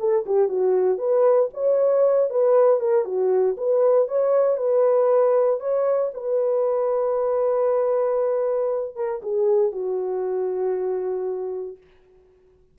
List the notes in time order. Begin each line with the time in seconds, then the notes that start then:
0.00 A4
0.26 G4
0.49 F#4
0.98 B4
1.54 C#5
2.31 B4
2.80 A#4
3.05 F#4
3.58 B4
4.09 C#5
4.58 B4
5.61 C#5
6.14 B4
8.96 A#4
9.23 G#4
9.73 F#4